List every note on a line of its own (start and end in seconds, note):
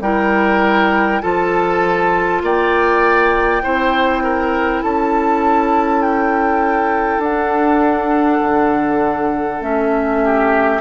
0.00 1.20 G3
0.00 1.21 E4
0.00 1.22 A#4
0.00 1.21 G5
1.21 2.42 F3
1.21 3.61 F4
1.21 2.42 A4
1.21 2.41 A5
2.42 3.62 A#3
2.42 3.62 D5
2.42 4.82 G5
3.62 4.83 C4
3.62 7.22 E4
3.62 4.22 C5
4.23 4.83 A#4
4.82 7.18 C#4
4.82 10.23 A4
4.82 6.01 A5
6.01 7.21 G5
7.18 8.38 D4
7.18 9.62 F#5
7.26 9.60 D4
8.41 9.60 D3
9.60 10.80 A3
9.60 10.80 C#4
9.60 10.81 E5
10.24 10.81 G4